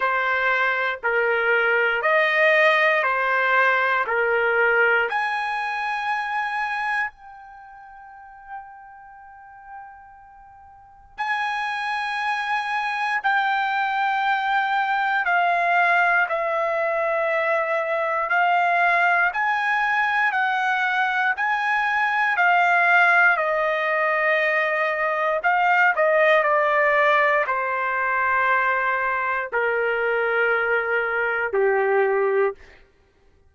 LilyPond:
\new Staff \with { instrumentName = "trumpet" } { \time 4/4 \tempo 4 = 59 c''4 ais'4 dis''4 c''4 | ais'4 gis''2 g''4~ | g''2. gis''4~ | gis''4 g''2 f''4 |
e''2 f''4 gis''4 | fis''4 gis''4 f''4 dis''4~ | dis''4 f''8 dis''8 d''4 c''4~ | c''4 ais'2 g'4 | }